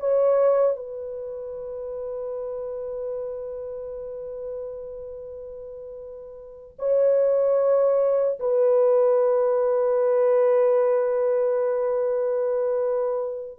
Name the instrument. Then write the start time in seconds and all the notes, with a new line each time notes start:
horn
0.00 C#5
0.77 B4
6.79 C#5
8.40 B4